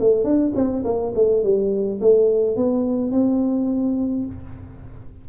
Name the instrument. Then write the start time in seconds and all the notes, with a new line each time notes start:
tuba
0.00 A3
0.24 D4
0.56 C4
0.85 A#3
1.15 A3
1.43 G3
2.01 A3
2.57 B3
3.12 C4